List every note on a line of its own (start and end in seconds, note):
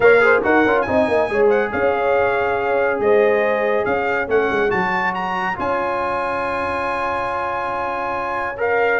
0.00 0.41 A#3
0.00 0.20 A#4
0.00 0.23 C#5
0.00 0.43 F5
0.20 0.41 G#4
0.20 0.44 C5
0.42 0.65 D#4
0.42 0.64 F#4
0.42 0.87 A#4
0.42 0.81 F#5
0.65 0.86 C#4
0.65 0.86 F4
0.81 1.29 D#4
0.81 1.45 G#5
0.87 1.08 C4
0.87 1.30 D#5
1.08 1.29 A#3
1.29 1.72 G#3
1.29 4.28 G#4
1.29 1.46 C#5
1.46 1.68 C5
1.46 1.71 F#5
1.71 2.99 C#4
1.71 3.00 C#5
1.71 3.00 F5
2.99 3.85 G#3
2.99 3.88 C5
2.99 3.85 D#5
3.85 4.27 C#4
3.85 9.00 C#5
3.85 4.28 F5
4.27 4.49 A3
4.27 4.69 C#4
4.27 4.71 F#5
4.50 4.71 G#3
4.69 5.57 F#3
4.69 5.55 F#4
4.69 5.13 A5
5.14 5.57 A#5
5.55 9.00 C#4
5.55 8.55 F4
5.55 8.59 G#5
8.57 9.00 A#4
8.57 9.00 F5